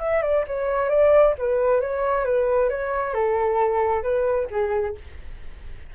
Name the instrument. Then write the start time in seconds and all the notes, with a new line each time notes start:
flute
0.00 E5
0.22 D5
0.47 C#5
0.90 D5
1.38 B4
1.81 C#5
2.25 B4
2.70 C#5
3.14 A4
4.03 B4
4.51 G#4